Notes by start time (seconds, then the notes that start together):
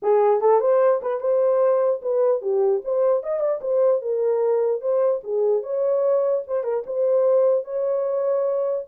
0.02 G#4
0.40 A4
0.60 C5
1.02 B4
1.20 C5
2.02 B4
2.41 G4
2.84 C5
3.23 D#5
3.40 D5
3.61 C5
4.01 A#4
4.81 C5
5.23 G#4
5.62 C#5
6.47 C5
6.63 A#4
6.86 C5
7.64 C#5